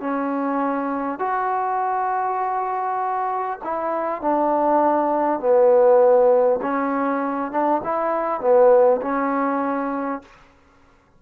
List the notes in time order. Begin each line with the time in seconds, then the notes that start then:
0.00 C#4
1.19 F#4
3.63 E4
4.21 D4
5.39 B3
6.62 C#4
7.51 D4
7.84 E4
8.40 B3
9.02 C#4